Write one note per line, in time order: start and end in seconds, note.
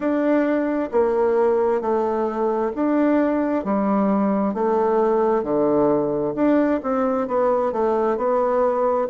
0.00 0.89 D4
0.91 1.81 A#3
1.81 2.71 A3
2.75 3.64 D4
3.64 4.53 G3
4.53 5.43 A3
5.43 6.34 D3
6.35 6.80 D4
6.82 7.27 C4
7.27 7.72 B3
7.72 8.17 A3
8.17 9.07 B3